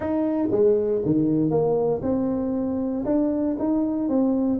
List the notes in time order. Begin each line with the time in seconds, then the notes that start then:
0.00 D#4
0.51 G#3
1.05 D#3
1.50 A#3
2.02 C4
3.05 D4
3.58 D#4
4.09 C4